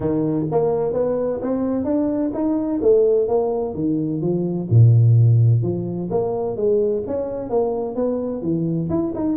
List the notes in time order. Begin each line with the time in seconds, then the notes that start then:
0.00 D#3
0.51 A#3
0.93 B3
1.41 C4
1.84 D4
2.33 D#4
2.81 A3
3.28 A#3
3.74 D#3
4.21 F3
4.70 A#2
5.62 F3
6.10 A#3
6.56 G#3
7.07 C#4
7.49 A#3
7.95 B3
8.41 E3
8.89 E4
9.14 D#4